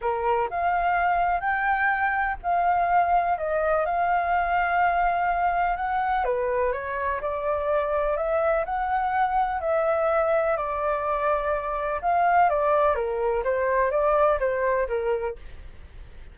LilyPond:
\new Staff \with { instrumentName = "flute" } { \time 4/4 \tempo 4 = 125 ais'4 f''2 g''4~ | g''4 f''2 dis''4 | f''1 | fis''4 b'4 cis''4 d''4~ |
d''4 e''4 fis''2 | e''2 d''2~ | d''4 f''4 d''4 ais'4 | c''4 d''4 c''4 ais'4 | }